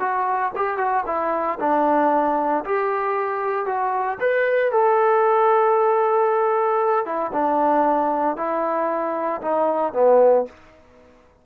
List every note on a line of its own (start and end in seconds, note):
0.00 0.52 F#4
0.56 0.78 G4
0.78 1.04 F#4
1.06 1.59 E4
1.60 2.64 D4
2.65 3.66 G4
3.66 4.18 F#4
4.20 4.71 B4
4.71 7.06 A4
7.06 7.32 E4
7.33 8.37 D4
8.37 9.41 E4
9.42 9.93 D#4
9.93 10.45 B3